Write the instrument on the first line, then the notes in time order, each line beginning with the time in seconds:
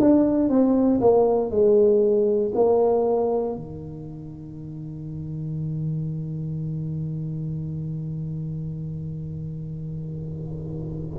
tuba
0.00 D4
0.49 C4
1.01 A#3
1.51 G#3
2.54 A#3
3.55 D#3